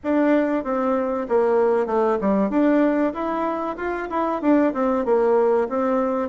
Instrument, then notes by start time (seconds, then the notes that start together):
bassoon
0.03 D4
0.63 C4
1.28 A#3
1.86 A3
2.20 G3
2.49 D4
3.13 E4
3.76 F4
4.10 E4
4.41 D4
4.73 C4
5.05 A#3
5.68 C4